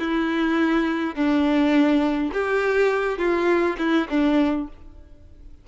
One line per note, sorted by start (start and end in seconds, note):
0.00 1.16 E4
1.16 2.32 D4
2.34 3.19 G4
3.19 3.77 F4
3.79 4.08 E4
4.10 4.68 D4